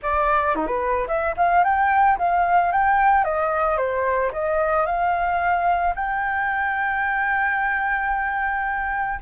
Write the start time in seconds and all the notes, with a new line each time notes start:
0.02 D5
0.55 D#4
0.66 B4
1.07 E5
1.37 F5
1.64 G5
2.18 F5
2.72 G5
3.24 D#5
3.77 C5
4.32 D#5
4.86 F5
5.95 G5